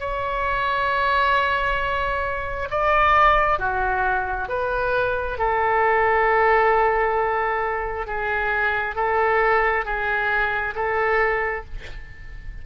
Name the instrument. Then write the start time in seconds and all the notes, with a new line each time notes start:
oboe
0.00 C#5
2.70 D5
3.59 F#4
4.49 B4
5.38 A4
8.06 G#4
8.96 A4
9.85 G#4
10.75 A4